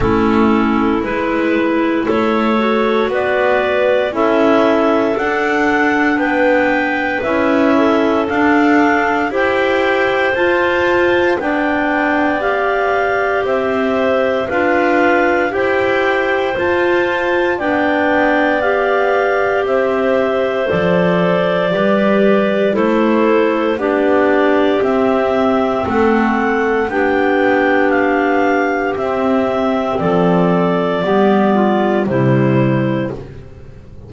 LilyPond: <<
  \new Staff \with { instrumentName = "clarinet" } { \time 4/4 \tempo 4 = 58 a'4 b'4 cis''4 d''4 | e''4 fis''4 g''4 e''4 | f''4 g''4 a''4 g''4 | f''4 e''4 f''4 g''4 |
a''4 g''4 f''4 e''4 | d''2 c''4 d''4 | e''4 fis''4 g''4 f''4 | e''4 d''2 c''4 | }
  \new Staff \with { instrumentName = "clarinet" } { \time 4/4 e'2 a'4 b'4 | a'2 b'4. a'8~ | a'4 c''2 d''4~ | d''4 c''4 b'4 c''4~ |
c''4 d''2 c''4~ | c''4 b'4 a'4 g'4~ | g'4 a'4 g'2~ | g'4 a'4 g'8 f'8 e'4 | }
  \new Staff \with { instrumentName = "clarinet" } { \time 4/4 cis'4 e'4. fis'4. | e'4 d'2 e'4 | d'4 g'4 f'4 d'4 | g'2 f'4 g'4 |
f'4 d'4 g'2 | a'4 g'4 e'4 d'4 | c'2 d'2 | c'2 b4 g4 | }
  \new Staff \with { instrumentName = "double bass" } { \time 4/4 a4 gis4 a4 b4 | cis'4 d'4 b4 cis'4 | d'4 e'4 f'4 b4~ | b4 c'4 d'4 e'4 |
f'4 b2 c'4 | f4 g4 a4 b4 | c'4 a4 b2 | c'4 f4 g4 c4 | }
>>